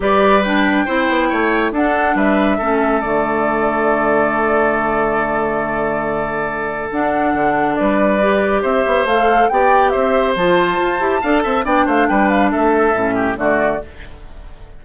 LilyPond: <<
  \new Staff \with { instrumentName = "flute" } { \time 4/4 \tempo 4 = 139 d''4 g''2. | fis''4 e''2 d''4~ | d''1~ | d''1 |
fis''2 d''2 | e''4 f''4 g''4 e''4 | a''2. g''8 f''8 | g''8 f''8 e''2 d''4 | }
  \new Staff \with { instrumentName = "oboe" } { \time 4/4 b'2 c''4 cis''4 | a'4 b'4 a'2~ | a'1~ | a'1~ |
a'2 b'2 | c''2 d''4 c''4~ | c''2 f''8 e''8 d''8 c''8 | b'4 a'4. g'8 fis'4 | }
  \new Staff \with { instrumentName = "clarinet" } { \time 4/4 g'4 d'4 e'2 | d'2 cis'4 a4~ | a1~ | a1 |
d'2. g'4~ | g'4 a'4 g'2 | f'4. g'8 a'4 d'4~ | d'2 cis'4 a4 | }
  \new Staff \with { instrumentName = "bassoon" } { \time 4/4 g2 c'8 b8 a4 | d'4 g4 a4 d4~ | d1~ | d1 |
d'4 d4 g2 | c'8 b8 a4 b4 c'4 | f4 f'8 e'8 d'8 c'8 b8 a8 | g4 a4 a,4 d4 | }
>>